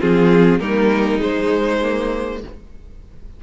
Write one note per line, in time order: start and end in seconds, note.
0.00 0.60 F3
0.00 0.60 C4
0.00 0.60 F4
0.00 0.60 G#4
0.60 1.20 G3
0.60 1.19 A#3
0.60 2.41 D#4
0.60 1.20 A#4
1.19 1.79 G#3
1.19 2.44 G#3
1.19 2.42 C5
1.83 2.43 A#3